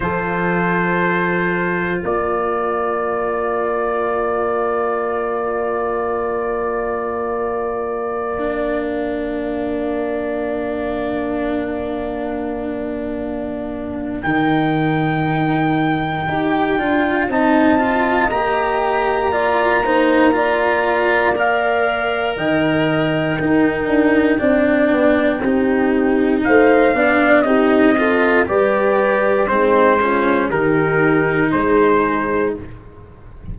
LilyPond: <<
  \new Staff \with { instrumentName = "trumpet" } { \time 4/4 \tempo 4 = 59 c''2 d''2~ | d''1~ | d''8. f''2.~ f''16~ | f''2 g''2~ |
g''4 a''4 ais''2~ | ais''4 f''4 g''2~ | g''2 f''4 dis''4 | d''4 c''4 ais'4 c''4 | }
  \new Staff \with { instrumentName = "horn" } { \time 4/4 a'2 ais'2~ | ais'1~ | ais'1~ | ais'1~ |
ais'4 dis''2 d''8 c''8 | d''2 dis''4 ais'4 | d''4 g'4 c''8 d''8 g'8 a'8 | b'4 dis'8 f'8 g'4 gis'4 | }
  \new Staff \with { instrumentName = "cello" } { \time 4/4 f'1~ | f'1~ | f'16 d'2.~ d'8.~ | d'2 dis'2 |
g'8 f'8 dis'8 f'8 g'4 f'8 dis'8 | f'4 ais'2 dis'4 | d'4 dis'4. d'8 dis'8 f'8 | g'4 c'8 cis'8 dis'2 | }
  \new Staff \with { instrumentName = "tuba" } { \time 4/4 f2 ais2~ | ais1~ | ais1~ | ais2 dis2 |
dis'8 d'8 c'4 ais2~ | ais2 dis4 dis'8 d'8 | c'8 b8 c'4 a8 b8 c'4 | g4 gis4 dis4 gis4 | }
>>